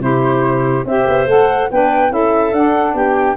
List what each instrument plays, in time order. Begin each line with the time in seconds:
0.00 tuba C3, saxophone E4, clarinet G4, flute C5
0.85 tuba C4, saxophone G4, clarinet C5, flute E5
1.08 tuba B3
1.27 tuba A3, saxophone A4, flute F#5
1.72 tuba B3, saxophone D4, clarinet B4, flute G5
2.11 tuba C#4, saxophone E4, clarinet A4, flute E5
2.53 tuba D4, saxophone D4, flute F#5
2.94 tuba B3, clarinet G4, flute G5